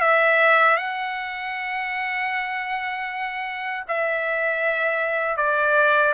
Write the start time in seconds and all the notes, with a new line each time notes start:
0.00 E5
0.77 F#5
3.88 E5
5.36 D5